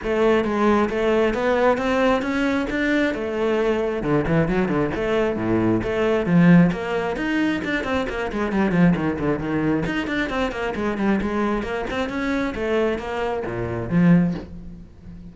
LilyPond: \new Staff \with { instrumentName = "cello" } { \time 4/4 \tempo 4 = 134 a4 gis4 a4 b4 | c'4 cis'4 d'4 a4~ | a4 d8 e8 fis8 d8 a4 | a,4 a4 f4 ais4 |
dis'4 d'8 c'8 ais8 gis8 g8 f8 | dis8 d8 dis4 dis'8 d'8 c'8 ais8 | gis8 g8 gis4 ais8 c'8 cis'4 | a4 ais4 ais,4 f4 | }